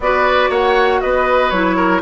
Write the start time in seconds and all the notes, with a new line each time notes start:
0.00 B3 F#4 B4 D5
0.49 A#3 C#5 F#5
1.00 B3 B4 D#5
1.50 F#3 E4 C#5
1.76 A#4